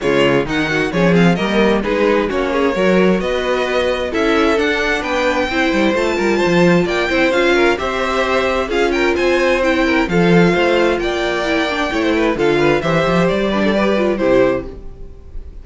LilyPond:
<<
  \new Staff \with { instrumentName = "violin" } { \time 4/4 \tempo 4 = 131 cis''4 fis''4 cis''8 f''8 dis''4 | b'4 cis''2 dis''4~ | dis''4 e''4 fis''4 g''4~ | g''4 a''2 g''4 |
f''4 e''2 f''8 g''8 | gis''4 g''4 f''2 | g''2. f''4 | e''4 d''2 c''4 | }
  \new Staff \with { instrumentName = "violin" } { \time 4/4 f'4 dis'8 fis'8 gis'4 ais'4 | gis'4 fis'8 gis'8 ais'4 b'4~ | b'4 a'2 b'4 | c''4. ais'8 c''4 d''8 c''8~ |
c''8 ais'8 c''2 gis'8 ais'8 | c''4. ais'8 a'4 c''4 | d''2 cis''16 c''16 b'8 a'8 b'8 | c''4. b'16 a'16 b'4 g'4 | }
  \new Staff \with { instrumentName = "viola" } { \time 4/4 gis4 dis'4 cis'8 c'8 ais4 | dis'4 cis'4 fis'2~ | fis'4 e'4 d'2 | e'4 f'2~ f'8 e'8 |
f'4 g'2 f'4~ | f'4 e'4 f'2~ | f'4 e'8 d'8 e'4 f'4 | g'4. d'8 g'8 f'8 e'4 | }
  \new Staff \with { instrumentName = "cello" } { \time 4/4 cis4 dis4 f4 g4 | gis4 ais4 fis4 b4~ | b4 cis'4 d'4 b4 | c'8 g8 a8 g8 f4 ais8 c'8 |
cis'4 c'2 cis'4 | c'2 f4 a4 | ais2 a4 d4 | e8 f8 g2 c4 | }
>>